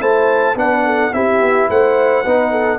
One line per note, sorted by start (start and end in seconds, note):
0.00 0.55 A3
0.00 0.56 E4
0.00 0.56 C5
0.00 0.57 A5
0.55 1.11 B3
0.55 1.12 D4
0.55 0.86 B4
0.55 1.14 F#5
0.86 1.14 A4
1.14 1.41 C4
1.14 2.25 E4
1.14 1.69 G4
1.14 1.69 E5
1.41 1.69 B3
1.69 2.25 A3
1.69 2.25 C5
1.69 2.79 F#5
2.25 2.79 B3
2.25 2.79 D#4
2.25 2.52 B4
2.52 2.79 A4